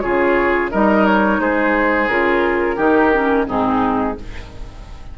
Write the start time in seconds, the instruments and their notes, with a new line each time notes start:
0.00 bassoon C#3, clarinet F4, oboe G#4, flute C#5
0.71 bassoon G3, clarinet D#4, oboe A#4, flute D#5
1.06 flute C#5
1.39 bassoon G#3, oboe G#4, flute C5
2.08 bassoon C#3, clarinet F4, flute A#4
2.76 bassoon D#3, clarinet D#4, oboe G4
3.12 clarinet C#4
3.46 bassoon G#2, clarinet C4, oboe D#4, flute G#4